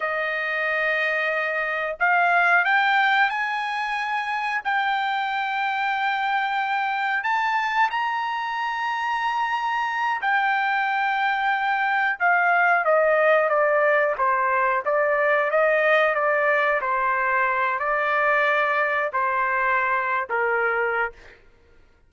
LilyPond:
\new Staff \with { instrumentName = "trumpet" } { \time 4/4 \tempo 4 = 91 dis''2. f''4 | g''4 gis''2 g''4~ | g''2. a''4 | ais''2.~ ais''8 g''8~ |
g''2~ g''8 f''4 dis''8~ | dis''8 d''4 c''4 d''4 dis''8~ | dis''8 d''4 c''4. d''4~ | d''4 c''4.~ c''16 ais'4~ ais'16 | }